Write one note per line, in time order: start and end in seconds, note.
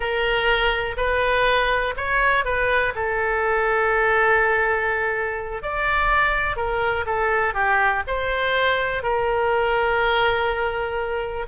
0.00 0.95 A#4
0.96 1.94 B4
1.96 2.44 C#5
2.44 2.93 B4
2.95 5.62 A4
5.62 6.56 D5
6.56 7.05 A#4
7.06 7.54 A4
7.54 8.02 G4
8.07 9.02 C5
9.02 11.46 A#4